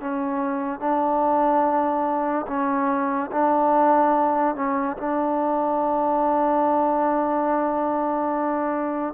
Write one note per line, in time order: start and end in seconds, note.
0.00 0.79 C#4
0.79 2.46 D4
2.47 3.30 C#4
3.31 4.55 D4
4.55 4.96 C#4
4.97 9.14 D4